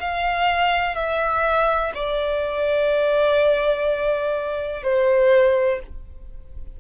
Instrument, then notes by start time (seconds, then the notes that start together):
violin
0.00 F5
0.95 E5
1.94 D5
4.83 C5